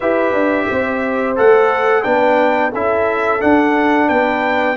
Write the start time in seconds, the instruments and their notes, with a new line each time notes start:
0.00 tuba E4, trombone G4, horn B4, trumpet E5
0.32 tuba D4
0.70 tuba C4, horn C5
1.36 tuba A3, trombone A4, trumpet F#5
2.02 tuba B3, trombone D4, horn B4, trumpet G5
2.72 tuba C#4, trombone E4, horn A4, trumpet E5
3.40 trombone D4, tuba D4, trumpet F#5
4.08 tuba B3, horn B4, trumpet G5